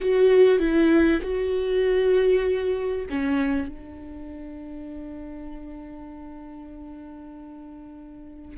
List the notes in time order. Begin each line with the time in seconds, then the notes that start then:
0.01 F#4
0.59 E4
1.22 F#4
3.09 C#4
3.68 D4